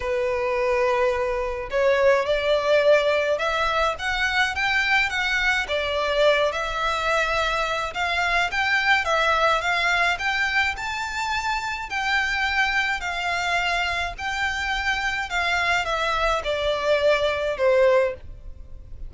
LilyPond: \new Staff \with { instrumentName = "violin" } { \time 4/4 \tempo 4 = 106 b'2. cis''4 | d''2 e''4 fis''4 | g''4 fis''4 d''4. e''8~ | e''2 f''4 g''4 |
e''4 f''4 g''4 a''4~ | a''4 g''2 f''4~ | f''4 g''2 f''4 | e''4 d''2 c''4 | }